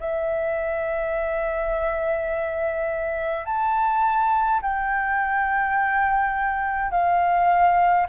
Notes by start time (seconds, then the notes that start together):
0.00 E5
3.46 A5
4.62 G5
6.91 F5